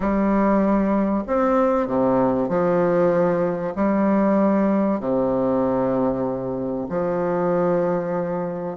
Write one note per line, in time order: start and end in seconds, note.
0.00 1.24 G3
1.27 1.87 C4
1.87 2.49 C3
2.49 3.74 F3
3.75 5.00 G3
5.00 6.87 C3
6.89 8.76 F3